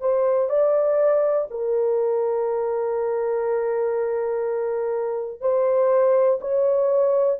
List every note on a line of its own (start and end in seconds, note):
0.00 0.49 C5
0.49 1.47 D5
1.50 5.40 A#4
5.40 6.38 C5
6.41 7.39 C#5